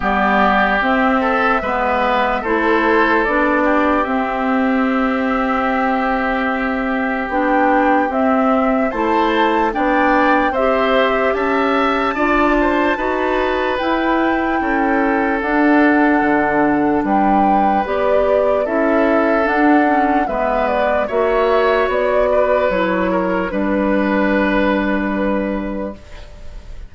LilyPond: <<
  \new Staff \with { instrumentName = "flute" } { \time 4/4 \tempo 4 = 74 d''4 e''2 c''4 | d''4 e''2.~ | e''4 g''4 e''4 a''4 | g''4 e''4 a''2~ |
a''4 g''2 fis''4~ | fis''4 g''4 d''4 e''4 | fis''4 e''8 d''8 e''4 d''4 | cis''4 b'2. | }
  \new Staff \with { instrumentName = "oboe" } { \time 4/4 g'4. a'8 b'4 a'4~ | a'8 g'2.~ g'8~ | g'2. c''4 | d''4 c''4 e''4 d''8 c''8 |
b'2 a'2~ | a'4 b'2 a'4~ | a'4 b'4 cis''4. b'8~ | b'8 ais'8 b'2. | }
  \new Staff \with { instrumentName = "clarinet" } { \time 4/4 b4 c'4 b4 e'4 | d'4 c'2.~ | c'4 d'4 c'4 e'4 | d'4 g'2 f'4 |
fis'4 e'2 d'4~ | d'2 g'4 e'4 | d'8 cis'8 b4 fis'2 | e'4 d'2. | }
  \new Staff \with { instrumentName = "bassoon" } { \time 4/4 g4 c'4 gis4 a4 | b4 c'2.~ | c'4 b4 c'4 a4 | b4 c'4 cis'4 d'4 |
dis'4 e'4 cis'4 d'4 | d4 g4 b4 cis'4 | d'4 gis4 ais4 b4 | fis4 g2. | }
>>